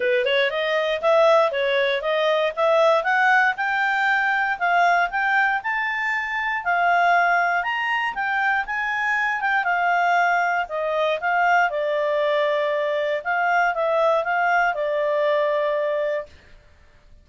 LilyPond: \new Staff \with { instrumentName = "clarinet" } { \time 4/4 \tempo 4 = 118 b'8 cis''8 dis''4 e''4 cis''4 | dis''4 e''4 fis''4 g''4~ | g''4 f''4 g''4 a''4~ | a''4 f''2 ais''4 |
g''4 gis''4. g''8 f''4~ | f''4 dis''4 f''4 d''4~ | d''2 f''4 e''4 | f''4 d''2. | }